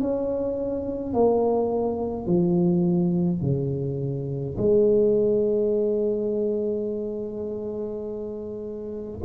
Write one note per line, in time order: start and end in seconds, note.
0.00 1.13 C#4
1.13 2.26 A#3
2.26 3.41 F3
3.41 4.56 C#3
4.57 9.19 G#3